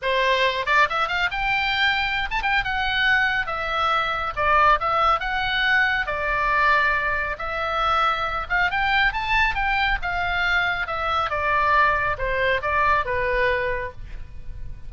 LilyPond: \new Staff \with { instrumentName = "oboe" } { \time 4/4 \tempo 4 = 138 c''4. d''8 e''8 f''8 g''4~ | g''4~ g''16 a''16 g''8 fis''2 | e''2 d''4 e''4 | fis''2 d''2~ |
d''4 e''2~ e''8 f''8 | g''4 a''4 g''4 f''4~ | f''4 e''4 d''2 | c''4 d''4 b'2 | }